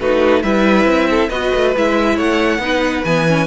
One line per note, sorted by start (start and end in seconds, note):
0.00 0.43 A3
0.00 0.43 D#4
0.00 0.43 F#4
0.00 0.43 B4
0.43 0.86 G3
0.43 1.30 E4
0.43 1.08 B4
0.43 1.29 E5
0.86 1.29 C4
1.10 1.29 A4
1.29 1.52 B3
1.29 1.75 F#4
1.29 2.15 B4
1.29 1.73 D#5
1.55 1.76 A3
1.76 2.18 G#3
1.76 2.60 E4
1.76 2.19 E5
2.15 2.58 A3
2.15 2.59 C#5
2.15 3.04 F#5
2.58 3.02 B3
2.58 3.04 D#4
2.58 3.47 B4
3.04 3.47 E3
3.04 3.28 B3
3.04 3.47 G#5
3.28 3.47 C#4